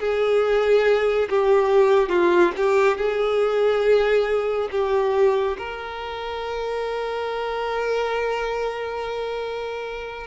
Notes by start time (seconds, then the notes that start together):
0.00 G#4
1.30 G4
2.09 F4
2.57 G4
2.97 G#4
4.71 G4
5.58 A#4